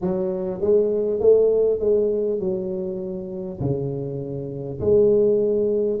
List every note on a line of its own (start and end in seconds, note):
0.01 0.61 F#3
0.61 1.19 G#3
1.19 1.79 A3
1.79 2.39 G#3
2.39 3.59 F#3
3.59 4.79 C#3
4.80 6.00 G#3